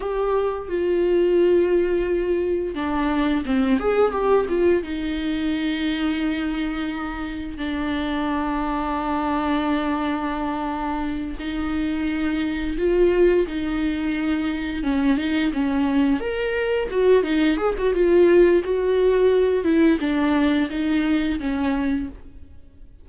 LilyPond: \new Staff \with { instrumentName = "viola" } { \time 4/4 \tempo 4 = 87 g'4 f'2. | d'4 c'8 gis'8 g'8 f'8 dis'4~ | dis'2. d'4~ | d'1~ |
d'8 dis'2 f'4 dis'8~ | dis'4. cis'8 dis'8 cis'4 ais'8~ | ais'8 fis'8 dis'8 gis'16 fis'16 f'4 fis'4~ | fis'8 e'8 d'4 dis'4 cis'4 | }